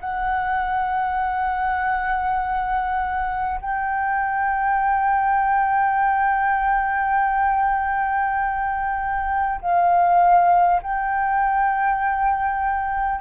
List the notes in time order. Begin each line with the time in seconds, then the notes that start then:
0.00 F#5
3.61 G5
9.61 F5
10.82 G5